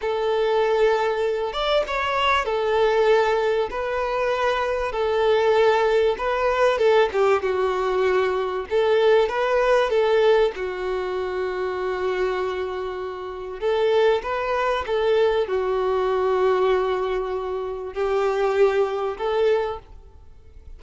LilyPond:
\new Staff \with { instrumentName = "violin" } { \time 4/4 \tempo 4 = 97 a'2~ a'8 d''8 cis''4 | a'2 b'2 | a'2 b'4 a'8 g'8 | fis'2 a'4 b'4 |
a'4 fis'2.~ | fis'2 a'4 b'4 | a'4 fis'2.~ | fis'4 g'2 a'4 | }